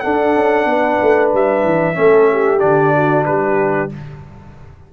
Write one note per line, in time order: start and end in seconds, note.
0.00 1.94 D4
0.00 0.36 D4
0.00 0.69 A4
0.00 1.29 F#5
0.36 0.66 C#4
0.66 0.98 B3
0.66 1.98 B4
1.02 1.34 A3
1.34 1.65 G3
1.34 2.60 E5
1.65 1.97 E3
1.94 2.62 A3
1.94 2.59 C#4
1.94 2.32 A4
2.32 2.96 G4
2.60 3.27 D3
2.60 3.90 D4
2.60 3.24 D5
2.96 3.28 F#4
3.26 3.92 G3
3.26 3.93 G4
3.26 3.90 B4